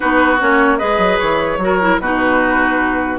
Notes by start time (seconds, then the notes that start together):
0.00 B3 D#4 F#4 B4
0.39 A#3 C#4 C#5
0.78 G#3 G#4 B4 D#5
0.98 F#3
1.18 E3 C#5
1.57 F#3 F#4
1.63 A#4
1.81 E4
1.98 B2 D#4 F#4 B4